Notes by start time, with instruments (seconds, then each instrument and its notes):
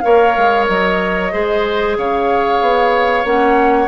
0.00 bassoon A#3, clarinet A#4, oboe C#5, flute F5
0.37 bassoon G#3
0.68 bassoon F#3, flute D#5
1.31 bassoon G#3, clarinet G#4, oboe C5
1.97 bassoon C#3, oboe C#5, flute F5
2.61 bassoon B3
3.25 bassoon A#3, clarinet C#4, flute F#5